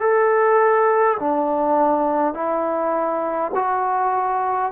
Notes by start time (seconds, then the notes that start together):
0.00 A4
1.19 D4
2.34 E4
3.54 F#4